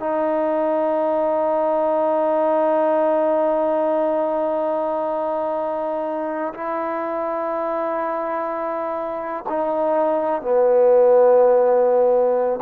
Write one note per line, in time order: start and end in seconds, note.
0.00 6.53 D#4
6.54 9.44 E4
9.49 10.42 D#4
10.42 12.60 B3